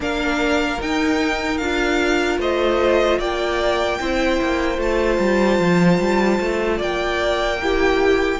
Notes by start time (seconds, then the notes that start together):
0.00 A#3 D4 A#4 F5
0.80 D#4 G5
1.57 D4 F4 F5
2.38 A3 C5 D#5
3.18 A#3 D5 G5
3.99 C4 E4 C5
4.41 A#3
4.77 A3 F4 A5
5.19 G3
5.59 F3
5.99 G3
6.40 A3
6.77 A#3 D5 G5
7.61 E4 G4